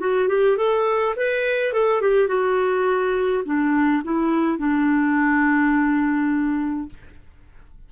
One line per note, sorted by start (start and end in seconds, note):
0.00 0.29 F#4
0.29 0.57 G4
0.58 1.15 A4
1.17 1.74 B4
1.74 2.02 A4
2.02 2.28 G4
2.28 3.44 F#4
3.45 4.03 D4
4.04 4.59 E4
4.59 6.89 D4